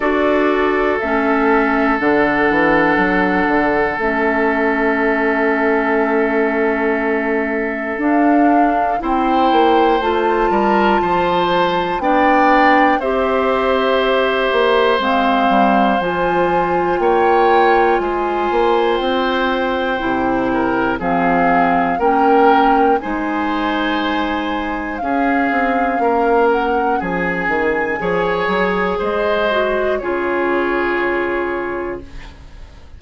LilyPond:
<<
  \new Staff \with { instrumentName = "flute" } { \time 4/4 \tempo 4 = 60 d''4 e''4 fis''2 | e''1 | f''4 g''4 a''2 | g''4 e''2 f''4 |
gis''4 g''4 gis''4 g''4~ | g''4 f''4 g''4 gis''4~ | gis''4 f''4. fis''8 gis''4~ | gis''4 dis''4 cis''2 | }
  \new Staff \with { instrumentName = "oboe" } { \time 4/4 a'1~ | a'1~ | a'4 c''4. ais'8 c''4 | d''4 c''2.~ |
c''4 cis''4 c''2~ | c''8 ais'8 gis'4 ais'4 c''4~ | c''4 gis'4 ais'4 gis'4 | cis''4 c''4 gis'2 | }
  \new Staff \with { instrumentName = "clarinet" } { \time 4/4 fis'4 cis'4 d'2 | cis'1 | d'4 e'4 f'2 | d'4 g'2 c'4 |
f'1 | e'4 c'4 cis'4 dis'4~ | dis'4 cis'2. | gis'4. fis'8 f'2 | }
  \new Staff \with { instrumentName = "bassoon" } { \time 4/4 d'4 a4 d8 e8 fis8 d8 | a1 | d'4 c'8 ais8 a8 g8 f4 | b4 c'4. ais8 gis8 g8 |
f4 ais4 gis8 ais8 c'4 | c4 f4 ais4 gis4~ | gis4 cis'8 c'8 ais4 f8 dis8 | f8 fis8 gis4 cis2 | }
>>